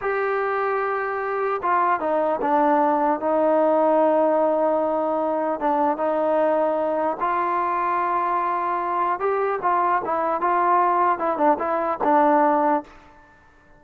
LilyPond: \new Staff \with { instrumentName = "trombone" } { \time 4/4 \tempo 4 = 150 g'1 | f'4 dis'4 d'2 | dis'1~ | dis'2 d'4 dis'4~ |
dis'2 f'2~ | f'2. g'4 | f'4 e'4 f'2 | e'8 d'8 e'4 d'2 | }